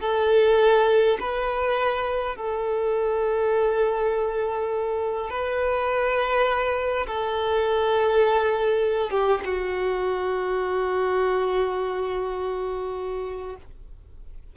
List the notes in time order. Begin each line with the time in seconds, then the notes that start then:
0.00 A4
1.20 B4
2.36 A4
5.30 B4
7.07 A4
9.10 G4
9.44 F#4